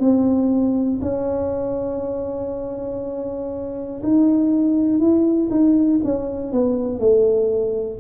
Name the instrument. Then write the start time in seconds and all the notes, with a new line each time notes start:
tuba
0.00 C4
1.02 C#4
4.03 D#4
5.00 E4
5.51 D#4
6.05 C#4
6.52 B3
7.00 A3